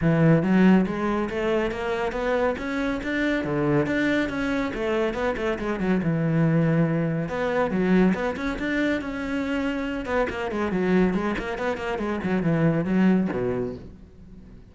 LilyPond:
\new Staff \with { instrumentName = "cello" } { \time 4/4 \tempo 4 = 140 e4 fis4 gis4 a4 | ais4 b4 cis'4 d'4 | d4 d'4 cis'4 a4 | b8 a8 gis8 fis8 e2~ |
e4 b4 fis4 b8 cis'8 | d'4 cis'2~ cis'8 b8 | ais8 gis8 fis4 gis8 ais8 b8 ais8 | gis8 fis8 e4 fis4 b,4 | }